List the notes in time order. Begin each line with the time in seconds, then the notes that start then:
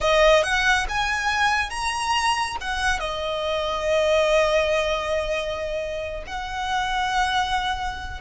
0.00 D#5
0.43 F#5
0.88 G#5
1.70 A#5
2.60 F#5
2.99 D#5
6.26 F#5